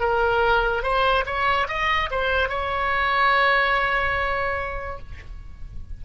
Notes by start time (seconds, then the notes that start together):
0.00 A#4
0.83 C5
1.26 C#5
1.68 D#5
2.11 C5
2.49 C#5